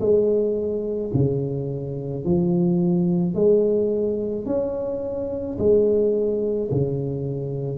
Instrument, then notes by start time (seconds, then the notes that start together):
tuba
0.00 G#3
1.14 C#3
2.25 F3
3.34 G#3
4.46 C#4
5.59 G#3
6.71 C#3